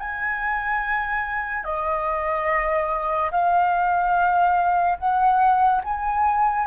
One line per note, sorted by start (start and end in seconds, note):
0.00 1.64 G#5
1.64 3.31 D#5
3.32 4.98 F5
4.99 5.82 F#5
5.84 6.67 G#5